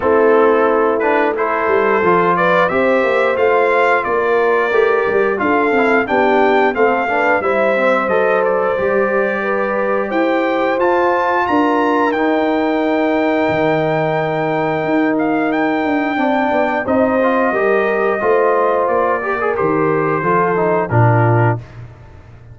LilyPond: <<
  \new Staff \with { instrumentName = "trumpet" } { \time 4/4 \tempo 4 = 89 a'4. b'8 c''4. d''8 | e''4 f''4 d''2 | f''4 g''4 f''4 e''4 | dis''8 d''2~ d''8 g''4 |
a''4 ais''4 g''2~ | g''2~ g''8 f''8 g''4~ | g''4 dis''2. | d''4 c''2 ais'4 | }
  \new Staff \with { instrumentName = "horn" } { \time 4/4 e'2 a'4. b'8 | c''2 ais'2 | a'4 g'4 a'8 b'8 c''4~ | c''2 b'4 c''4~ |
c''4 ais'2.~ | ais'1 | d''4 c''4 ais'4 c''4~ | c''8 ais'4. a'4 f'4 | }
  \new Staff \with { instrumentName = "trombone" } { \time 4/4 c'4. d'8 e'4 f'4 | g'4 f'2 g'4 | f'8 e'8 d'4 c'8 d'8 e'8 c'8 | a'4 g'2. |
f'2 dis'2~ | dis'1 | d'4 dis'8 f'8 g'4 f'4~ | f'8 g'16 gis'16 g'4 f'8 dis'8 d'4 | }
  \new Staff \with { instrumentName = "tuba" } { \time 4/4 a2~ a8 g8 f4 | c'8 ais8 a4 ais4 a8 g8 | d'8 c'8 b4 a4 g4 | fis4 g2 e'4 |
f'4 d'4 dis'2 | dis2 dis'4. d'8 | c'8 b8 c'4 g4 a4 | ais4 dis4 f4 ais,4 | }
>>